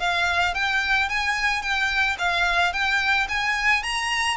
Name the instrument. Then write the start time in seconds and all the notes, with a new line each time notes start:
violin
0.00 F5
0.54 G5
1.09 G#5
1.62 G5
2.18 F5
2.73 G5
3.29 G#5
3.83 A#5